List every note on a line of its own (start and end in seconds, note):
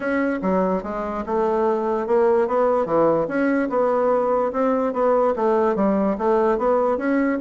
0.00 0.39 C#4
0.42 0.83 F#3
0.83 1.24 G#3
1.25 2.06 A3
2.06 2.47 A#3
2.47 2.85 B3
2.85 3.26 E3
3.27 3.69 C#4
3.69 4.51 B3
4.52 4.93 C4
4.93 5.34 B3
5.36 5.75 A3
5.75 6.16 G3
6.18 6.58 A3
6.58 6.97 B3
6.97 7.38 C#4